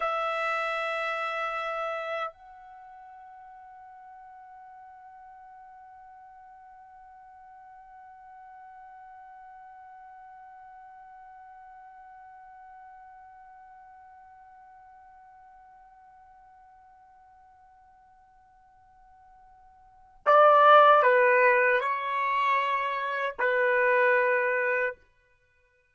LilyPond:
\new Staff \with { instrumentName = "trumpet" } { \time 4/4 \tempo 4 = 77 e''2. fis''4~ | fis''1~ | fis''1~ | fis''1~ |
fis''1~ | fis''1~ | fis''2 d''4 b'4 | cis''2 b'2 | }